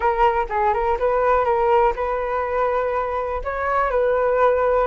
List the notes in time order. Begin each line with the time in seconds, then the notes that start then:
0.00 A#4
0.49 G#4
0.73 A#4
0.98 B4
1.44 A#4
1.95 B4
3.43 C#5
3.90 B4